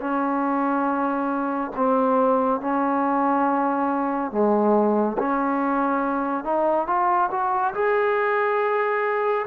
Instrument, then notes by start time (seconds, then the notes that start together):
trombone
0.00 C#4
1.76 C4
2.61 C#4
4.31 G#3
5.18 C#4
6.44 D#4
6.87 F4
7.31 F#4
7.74 G#4